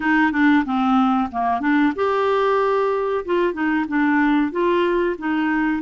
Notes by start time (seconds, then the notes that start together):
0.00 D#4
0.32 D4
0.65 C4
1.31 A#3
1.60 D4
1.95 G4
3.25 F4
3.53 D#4
3.87 D4
4.51 F4
5.18 D#4